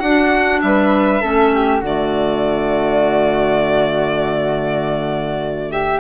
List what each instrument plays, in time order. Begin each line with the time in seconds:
0.00 bassoon D4, clarinet D4, flute F#4, violin F#5
0.62 bassoon G3, flute B4, violin E5
1.21 bassoon A3, clarinet C#4, flute A4
1.54 flute G4
1.81 bassoon D3, clarinet A3, flute F#4, violin D5
5.71 flute G4, violin E5